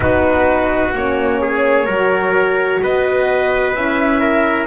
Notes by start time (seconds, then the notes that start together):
0.00 B3 D#4 F#4 B4
0.93 A#3 C#4 C#5
1.41 G#4
1.85 F#3 F#4 A#4
2.82 B3 B4 D#5
3.74 C#4 E4 E5
4.20 A#4